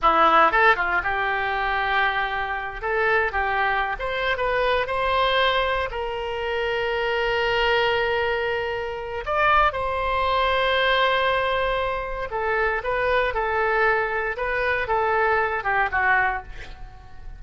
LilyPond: \new Staff \with { instrumentName = "oboe" } { \time 4/4 \tempo 4 = 117 e'4 a'8 f'8 g'2~ | g'4. a'4 g'4~ g'16 c''16~ | c''8 b'4 c''2 ais'8~ | ais'1~ |
ais'2 d''4 c''4~ | c''1 | a'4 b'4 a'2 | b'4 a'4. g'8 fis'4 | }